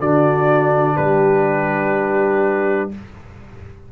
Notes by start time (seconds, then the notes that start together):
0.00 D3 D4 F#4 D5
0.97 G3 G4 B4